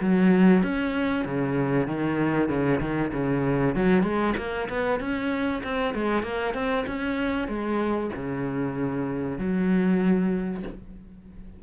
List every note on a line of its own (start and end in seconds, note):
0.00 0.62 F#3
0.62 1.25 C#4
1.25 1.87 C#3
1.87 2.49 D#3
2.49 2.80 C#3
2.80 3.12 D#3
3.13 3.75 C#3
3.75 4.03 F#3
4.03 4.34 G#3
4.37 4.68 A#3
4.69 5.00 B3
5.00 5.62 C#4
5.63 5.94 C4
5.94 6.23 G#3
6.23 6.54 A#3
6.54 6.85 C4
6.87 7.48 C#4
7.48 8.10 G#3
8.15 9.38 C#3
9.38 10.63 F#3